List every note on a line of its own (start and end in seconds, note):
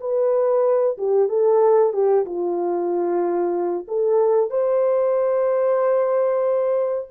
0.00 0.97 B4
0.97 1.28 G4
1.28 1.93 A4
1.93 2.25 G4
2.25 3.87 F4
3.88 4.50 A4
4.50 7.08 C5